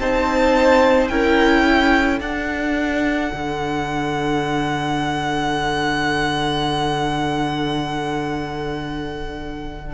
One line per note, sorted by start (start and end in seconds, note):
0.00 1.10 C4
0.00 1.11 D#4
0.00 1.11 C5
0.00 1.09 A5
1.09 2.21 C#4
1.09 2.20 E4
1.09 1.65 A#4
1.09 2.20 G5
1.65 9.95 A4
2.20 9.95 D4
2.20 3.32 D4
2.20 9.95 F#5
3.33 9.95 D3